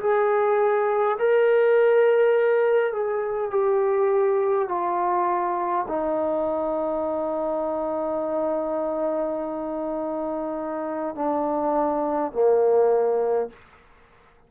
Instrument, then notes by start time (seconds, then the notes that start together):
trombone
0.00 G#4
1.19 A#4
2.93 G#4
3.51 G4
4.68 F4
5.88 D#4
11.16 D4
12.32 A#3